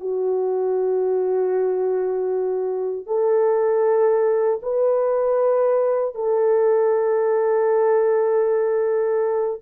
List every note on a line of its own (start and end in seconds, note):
0.00 3.07 F#4
3.07 4.60 A4
4.63 6.15 B4
6.15 9.61 A4